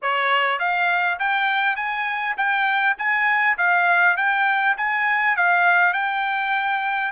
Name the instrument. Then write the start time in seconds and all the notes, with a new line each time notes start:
trumpet
0.02 C#5
0.59 F5
1.19 G5
1.76 G#5
2.37 G5
2.97 G#5
3.57 F5
4.17 G5
4.77 G#5
5.36 F5
5.93 G5